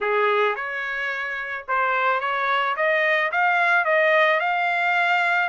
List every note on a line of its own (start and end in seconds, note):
0.00 0.55 G#4
0.55 1.65 C#5
1.68 2.20 C5
2.20 2.75 C#5
2.76 3.31 D#5
3.31 3.84 F5
3.84 4.39 D#5
4.40 5.49 F5